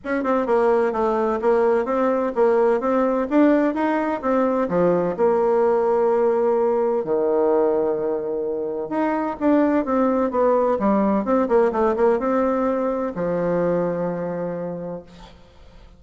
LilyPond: \new Staff \with { instrumentName = "bassoon" } { \time 4/4 \tempo 4 = 128 cis'8 c'8 ais4 a4 ais4 | c'4 ais4 c'4 d'4 | dis'4 c'4 f4 ais4~ | ais2. dis4~ |
dis2. dis'4 | d'4 c'4 b4 g4 | c'8 ais8 a8 ais8 c'2 | f1 | }